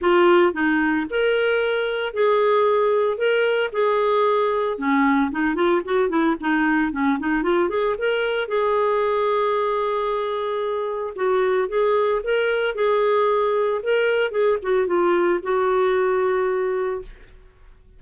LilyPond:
\new Staff \with { instrumentName = "clarinet" } { \time 4/4 \tempo 4 = 113 f'4 dis'4 ais'2 | gis'2 ais'4 gis'4~ | gis'4 cis'4 dis'8 f'8 fis'8 e'8 | dis'4 cis'8 dis'8 f'8 gis'8 ais'4 |
gis'1~ | gis'4 fis'4 gis'4 ais'4 | gis'2 ais'4 gis'8 fis'8 | f'4 fis'2. | }